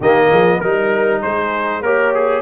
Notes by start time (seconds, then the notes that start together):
0.00 D#3 A#3 G4 D#5
0.30 F3 G#4
0.60 G3 D#4 A#4
1.22 G#3 G#4 C5
1.82 A#3 G4 A#4 C#5
2.14 G#4